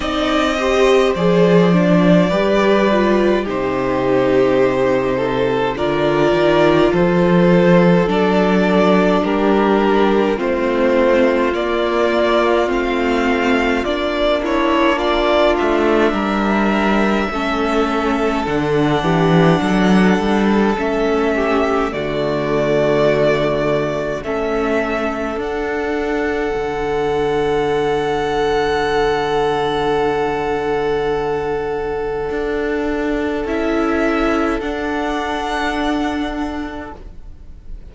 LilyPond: <<
  \new Staff \with { instrumentName = "violin" } { \time 4/4 \tempo 4 = 52 dis''4 d''2 c''4~ | c''4 d''4 c''4 d''4 | ais'4 c''4 d''4 f''4 | d''8 cis''8 d''8 e''2~ e''8 |
fis''2 e''4 d''4~ | d''4 e''4 fis''2~ | fis''1~ | fis''4 e''4 fis''2 | }
  \new Staff \with { instrumentName = "violin" } { \time 4/4 d''8 c''4. b'4 g'4~ | g'8 a'8 ais'4 a'2 | g'4 f'2.~ | f'8 e'8 f'4 ais'4 a'4~ |
a'8 g'8 a'4. g'8 fis'4~ | fis'4 a'2.~ | a'1~ | a'1 | }
  \new Staff \with { instrumentName = "viola" } { \time 4/4 dis'8 g'8 gis'8 d'8 g'8 f'8 dis'4~ | dis'4 f'2 d'4~ | d'4 c'4 ais4 c'4 | d'2. cis'4 |
d'2 cis'4 a4~ | a4 cis'4 d'2~ | d'1~ | d'4 e'4 d'2 | }
  \new Staff \with { instrumentName = "cello" } { \time 4/4 c'4 f4 g4 c4~ | c4 d8 dis8 f4 fis4 | g4 a4 ais4 a4 | ais4. a8 g4 a4 |
d8 e8 fis8 g8 a4 d4~ | d4 a4 d'4 d4~ | d1 | d'4 cis'4 d'2 | }
>>